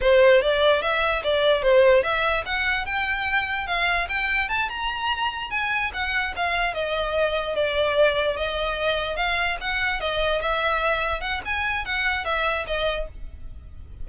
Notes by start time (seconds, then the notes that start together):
0.00 C5
0.41 D5
0.81 E5
1.23 D5
1.62 C5
2.03 E5
2.45 F#5
2.85 G5
3.67 F5
4.09 G5
4.48 A5
4.69 A#5
5.50 G#5
5.93 F#5
6.35 F5
6.73 D#5
7.55 D5
8.36 D#5
9.16 F5
9.60 F#5
10.00 D#5
10.41 E5
11.20 F#5
11.45 G#5
11.85 F#5
12.24 E5
12.66 D#5